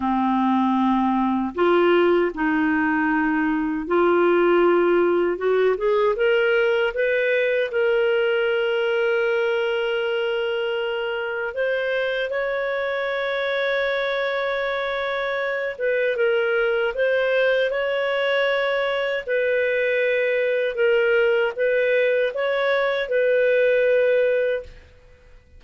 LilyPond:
\new Staff \with { instrumentName = "clarinet" } { \time 4/4 \tempo 4 = 78 c'2 f'4 dis'4~ | dis'4 f'2 fis'8 gis'8 | ais'4 b'4 ais'2~ | ais'2. c''4 |
cis''1~ | cis''8 b'8 ais'4 c''4 cis''4~ | cis''4 b'2 ais'4 | b'4 cis''4 b'2 | }